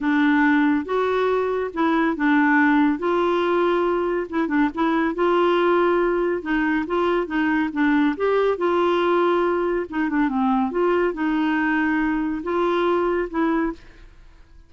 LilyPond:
\new Staff \with { instrumentName = "clarinet" } { \time 4/4 \tempo 4 = 140 d'2 fis'2 | e'4 d'2 f'4~ | f'2 e'8 d'8 e'4 | f'2. dis'4 |
f'4 dis'4 d'4 g'4 | f'2. dis'8 d'8 | c'4 f'4 dis'2~ | dis'4 f'2 e'4 | }